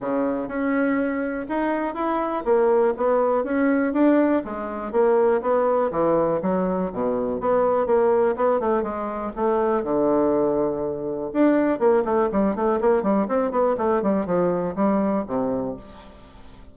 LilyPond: \new Staff \with { instrumentName = "bassoon" } { \time 4/4 \tempo 4 = 122 cis4 cis'2 dis'4 | e'4 ais4 b4 cis'4 | d'4 gis4 ais4 b4 | e4 fis4 b,4 b4 |
ais4 b8 a8 gis4 a4 | d2. d'4 | ais8 a8 g8 a8 ais8 g8 c'8 b8 | a8 g8 f4 g4 c4 | }